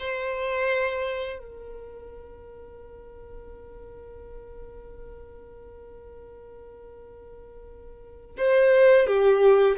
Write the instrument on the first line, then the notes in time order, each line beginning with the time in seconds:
violin
0.00 C5
1.39 A#4
8.38 C5
9.07 G4